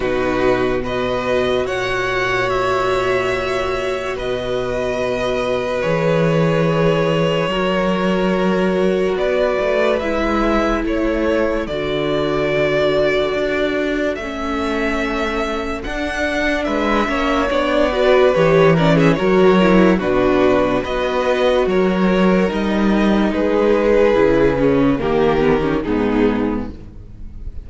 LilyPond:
<<
  \new Staff \with { instrumentName = "violin" } { \time 4/4 \tempo 4 = 72 b'4 dis''4 fis''4 e''4~ | e''4 dis''2 cis''4~ | cis''2. d''4 | e''4 cis''4 d''2~ |
d''4 e''2 fis''4 | e''4 d''4 cis''8 d''16 e''16 cis''4 | b'4 dis''4 cis''4 dis''4 | b'2 ais'4 gis'4 | }
  \new Staff \with { instrumentName = "violin" } { \time 4/4 fis'4 b'4 cis''2~ | cis''4 b'2.~ | b'4 ais'2 b'4~ | b'4 a'2.~ |
a'1 | b'8 cis''4 b'4 ais'16 gis'16 ais'4 | fis'4 b'4 ais'2 | gis'2 g'4 dis'4 | }
  \new Staff \with { instrumentName = "viola" } { \time 4/4 dis'4 fis'2.~ | fis'2. gis'4~ | gis'4 fis'2. | e'2 fis'2~ |
fis'4 cis'2 d'4~ | d'8 cis'8 d'8 fis'8 g'8 cis'8 fis'8 e'8 | d'4 fis'2 dis'4~ | dis'4 e'8 cis'8 ais8 b16 cis'16 b4 | }
  \new Staff \with { instrumentName = "cello" } { \time 4/4 b,2 ais,2~ | ais,4 b,2 e4~ | e4 fis2 b8 a8 | gis4 a4 d2 |
d'4 a2 d'4 | gis8 ais8 b4 e4 fis4 | b,4 b4 fis4 g4 | gis4 cis4 dis4 gis,4 | }
>>